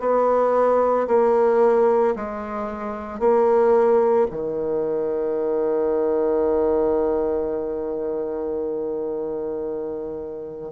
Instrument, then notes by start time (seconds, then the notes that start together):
bassoon
0.00 B3
1.08 A#3
2.16 G#3
3.19 A#3
4.31 D#3